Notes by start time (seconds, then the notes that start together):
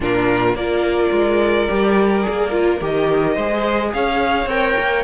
0.00 A#2 D4 F4 A#4
0.54 A#3 F4 A#4 D5
1.12 G#3
1.68 G3 G4
2.22 G#4
2.28 A#3
2.51 F4
2.80 D#3 G4 D#5
3.33 G#3 G#4 C5
3.93 C#4 C#5 F5
4.45 C4 A#4 G5
4.78 A#3